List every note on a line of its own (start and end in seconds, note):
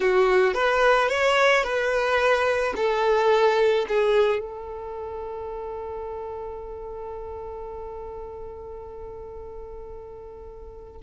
0.00 0.54 F#4
0.54 1.09 B4
1.09 1.63 C#5
1.63 2.73 B4
2.76 3.86 A4
3.88 4.39 G#4
4.39 11.00 A4